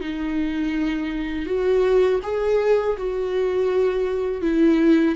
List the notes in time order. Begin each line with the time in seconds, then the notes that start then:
0.00 D#4
1.46 F#4
2.23 G#4
2.97 F#4
4.41 E4